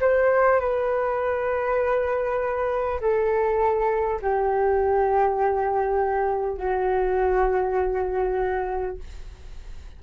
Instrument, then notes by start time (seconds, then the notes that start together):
flute
0.00 C5
0.60 B4
3.00 A4
4.21 G4
6.57 F#4